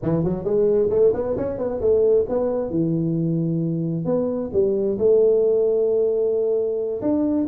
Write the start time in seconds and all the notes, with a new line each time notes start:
0.02 E3
0.24 F#3
0.44 G#3
0.89 A3
1.13 B3
1.36 C#4
1.57 B3
1.80 A3
2.29 B3
2.69 E3
4.05 B3
4.52 G3
4.98 A3
7.01 D4